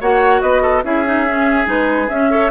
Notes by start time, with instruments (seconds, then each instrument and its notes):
0.00 bassoon A#3, clarinet F#4, oboe C#5, flute F#5
0.41 bassoon B3, oboe B4, flute D#5
0.62 oboe A4
0.83 bassoon C#4, clarinet E4, oboe G#4, flute E5
1.05 clarinet D#4
1.27 clarinet C#4
1.65 bassoon G#3, clarinet D#4, flute B4
2.09 bassoon C#4, clarinet C#4, flute E5
2.30 clarinet A4, oboe C#5